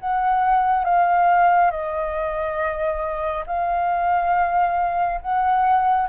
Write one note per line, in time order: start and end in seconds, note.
0.00 0.85 F#5
0.85 1.71 F5
1.71 3.45 D#5
3.47 5.21 F5
5.22 6.09 F#5